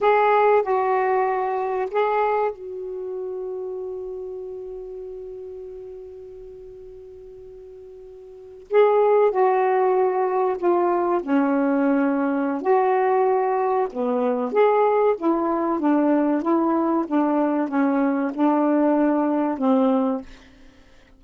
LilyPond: \new Staff \with { instrumentName = "saxophone" } { \time 4/4 \tempo 4 = 95 gis'4 fis'2 gis'4 | fis'1~ | fis'1~ | fis'4.~ fis'16 gis'4 fis'4~ fis'16~ |
fis'8. f'4 cis'2~ cis'16 | fis'2 b4 gis'4 | e'4 d'4 e'4 d'4 | cis'4 d'2 c'4 | }